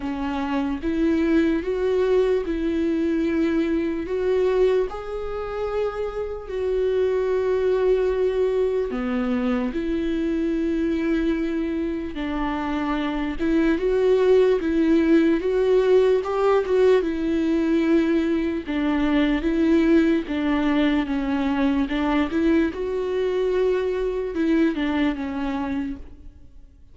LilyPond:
\new Staff \with { instrumentName = "viola" } { \time 4/4 \tempo 4 = 74 cis'4 e'4 fis'4 e'4~ | e'4 fis'4 gis'2 | fis'2. b4 | e'2. d'4~ |
d'8 e'8 fis'4 e'4 fis'4 | g'8 fis'8 e'2 d'4 | e'4 d'4 cis'4 d'8 e'8 | fis'2 e'8 d'8 cis'4 | }